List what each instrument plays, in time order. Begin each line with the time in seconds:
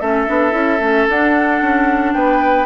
0.00 bassoon A3, clarinet C#4, oboe A4, flute E5
0.27 bassoon B3, clarinet D4
0.51 bassoon C#4, clarinet E4
0.80 bassoon A3, clarinet C#4
1.09 clarinet D4, bassoon D4, flute F#5
1.61 bassoon C#4
2.13 bassoon B3, oboe B4, flute G5